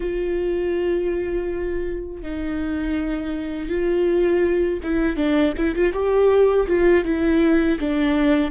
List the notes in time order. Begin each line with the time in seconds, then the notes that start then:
0.00 F4
2.22 D#4
3.69 F4
4.83 E4
5.16 D4
5.57 E4
5.75 F4
5.92 G4
6.67 F4
7.04 E4
7.79 D4